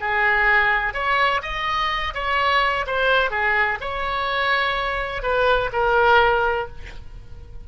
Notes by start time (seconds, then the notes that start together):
0.00 G#4
0.94 C#5
1.42 D#5
2.14 C#5
2.87 C5
3.31 G#4
3.81 C#5
5.23 B4
5.73 A#4